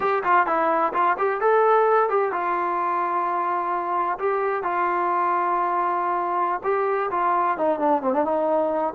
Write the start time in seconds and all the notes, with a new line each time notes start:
0.00 G4
0.23 F4
0.46 E4
0.93 F4
1.17 G4
1.41 A4
2.09 G4
2.32 F4
4.18 G4
4.63 F4
6.63 G4
7.11 F4
7.57 D#4
7.79 D4
8.02 C4
8.13 D4
8.24 D#4